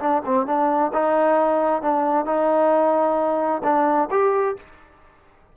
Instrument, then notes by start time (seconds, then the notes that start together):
trombone
0.00 D4
0.26 C4
0.47 D4
0.93 D#4
1.82 D4
2.26 D#4
3.64 D4
4.11 G4